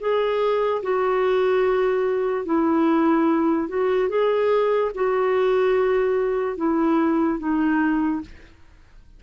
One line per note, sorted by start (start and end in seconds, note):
0.00 0.82 G#4
0.83 2.45 F#4
2.45 3.68 E4
3.68 4.09 F#4
4.09 4.91 G#4
4.95 6.57 F#4
6.57 7.39 E4
7.39 8.21 D#4